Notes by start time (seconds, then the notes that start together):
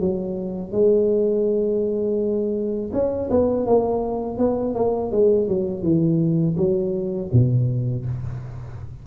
0.00 F#3
0.72 G#3
2.93 C#4
3.31 B3
3.67 A#3
4.38 B3
4.75 A#3
5.12 G#3
5.48 F#3
5.83 E3
6.57 F#3
7.33 B2